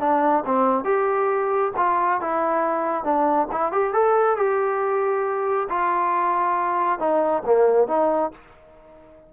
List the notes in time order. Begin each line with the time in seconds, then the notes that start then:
0.00 D4
0.46 C4
0.85 G4
1.77 F4
2.21 E4
3.04 D4
3.52 E4
3.72 G4
3.93 A4
4.37 G4
5.69 F4
6.99 D#4
7.46 A#3
7.88 D#4